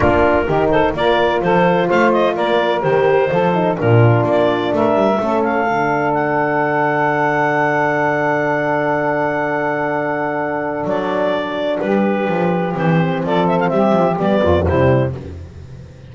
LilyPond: <<
  \new Staff \with { instrumentName = "clarinet" } { \time 4/4 \tempo 4 = 127 ais'4. c''8 d''4 c''4 | f''8 dis''8 d''4 c''2 | ais'4 d''4 e''4. f''8~ | f''4 fis''2.~ |
fis''1~ | fis''2. d''4~ | d''4 b'2 c''4 | d''8 e''16 f''16 e''4 d''4 c''4 | }
  \new Staff \with { instrumentName = "saxophone" } { \time 4/4 f'4 g'8 a'8 ais'4 a'4 | c''4 ais'2 a'4 | f'2 ais'4 a'4~ | a'1~ |
a'1~ | a'1~ | a'4 g'2. | a'4 g'4. f'8 e'4 | }
  \new Staff \with { instrumentName = "horn" } { \time 4/4 d'4 dis'4 f'2~ | f'2 g'4 f'8 dis'8 | d'2. cis'4 | d'1~ |
d'1~ | d'1~ | d'2. c'4~ | c'2 b4 g4 | }
  \new Staff \with { instrumentName = "double bass" } { \time 4/4 ais4 dis4 ais4 f4 | a4 ais4 dis4 f4 | ais,4 ais4 a8 g8 a4 | d1~ |
d1~ | d2. fis4~ | fis4 g4 f4 e4 | f4 g8 f8 g8 f,8 c4 | }
>>